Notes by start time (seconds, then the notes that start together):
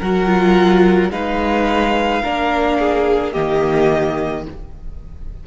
0.00 F#3 F#4 A#4 F#5
0.27 F4
1.11 G#3 D#4 B4 F5
2.23 A#3 D4 A#4
2.79 G#4
3.33 D#3 A#3 G4 D#5